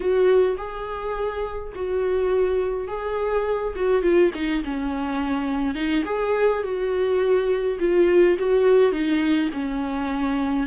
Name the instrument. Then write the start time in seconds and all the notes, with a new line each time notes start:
viola
0.00 F#4
0.57 G#4
1.75 F#4
2.87 G#4
3.75 F#4
4.02 F4
4.34 D#4
4.64 C#4
5.74 D#4
6.05 G#4
6.63 F#4
7.79 F4
8.38 F#4
8.91 D#4
9.53 C#4